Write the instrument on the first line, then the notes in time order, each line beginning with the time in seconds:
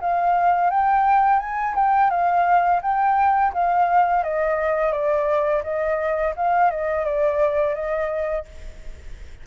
flute
0.00 F5
0.70 G5
1.39 G#5
1.75 G5
2.10 F5
2.81 G5
3.53 F5
4.23 D#5
4.92 D5
5.63 D#5
6.36 F5
6.70 D#5
7.05 D5
7.74 D#5